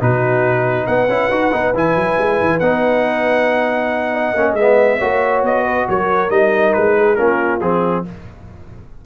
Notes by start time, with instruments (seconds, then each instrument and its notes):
0.00 tuba B2, trombone D#4, horn F#4, trumpet B4
0.87 tuba B3, horn B4, trumpet F#5
1.08 tuba C#4, trombone E4
1.30 tuba D#4, trombone F#4
1.52 tuba B3, trombone D#4
1.74 tuba E3, trombone E4, trumpet G#5
1.95 tuba F#3
2.18 tuba G#3
2.41 tuba E3
2.60 tuba B3, trombone D#4, trumpet F#5
4.13 horn D#5
4.34 tuba A#3, trombone C#4
4.54 tuba G#3, trumpet E5
4.60 trombone B3
4.99 tuba A#3, trombone F#4, horn C#5
5.42 tuba B3, trumpet D#5
5.65 horn B4
5.89 tuba F#3, horn A#4, trumpet C#5
6.30 tuba G3, trombone D#4, trumpet D#5
6.73 tuba G#3, trumpet B4
6.97 horn G#4
7.15 tuba A#3, trombone C#4, horn F4, trumpet A#4
7.61 tuba F3, trombone C4, trumpet G#4